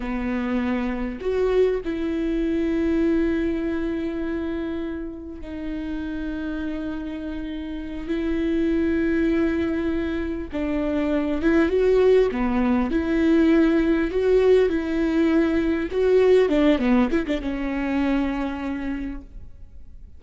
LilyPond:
\new Staff \with { instrumentName = "viola" } { \time 4/4 \tempo 4 = 100 b2 fis'4 e'4~ | e'1~ | e'4 dis'2.~ | dis'4. e'2~ e'8~ |
e'4. d'4. e'8 fis'8~ | fis'8 b4 e'2 fis'8~ | fis'8 e'2 fis'4 d'8 | b8 e'16 d'16 cis'2. | }